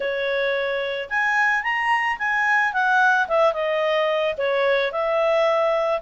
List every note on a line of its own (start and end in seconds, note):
0.00 1.08 C#5
1.09 1.63 G#5
1.63 2.17 A#5
2.18 2.73 G#5
2.73 3.27 F#5
3.28 3.53 E5
3.53 4.35 D#5
4.37 4.91 C#5
4.91 6.00 E5